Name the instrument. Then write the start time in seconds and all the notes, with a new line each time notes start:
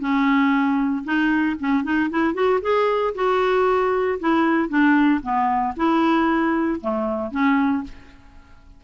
clarinet
0.00 C#4
1.05 D#4
1.60 C#4
1.84 D#4
2.10 E4
2.34 F#4
2.62 G#4
3.15 F#4
4.20 E4
4.69 D4
5.22 B3
5.77 E4
6.81 A3
7.32 C#4